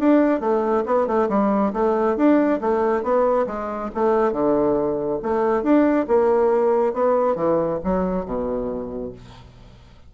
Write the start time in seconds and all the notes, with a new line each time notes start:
0.00 D4
0.41 A3
0.87 B3
1.07 A3
1.30 G3
1.74 A3
2.17 D4
2.61 A3
3.04 B3
3.47 G#3
3.95 A3
4.33 D3
5.23 A3
5.63 D4
6.08 A#3
6.94 B3
7.36 E3
7.84 F#3
8.26 B2